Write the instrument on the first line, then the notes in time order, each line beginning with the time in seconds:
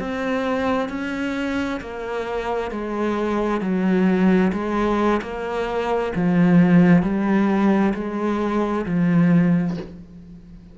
cello
0.00 C4
0.90 C#4
1.81 A#3
2.71 G#3
3.61 F#3
4.53 G#3
5.22 A#3
6.16 F3
7.03 G3
7.95 G#3
8.86 F3